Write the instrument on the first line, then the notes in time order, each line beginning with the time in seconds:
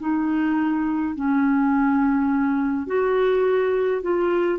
clarinet
0.00 D#4
1.15 C#4
2.87 F#4
4.02 F4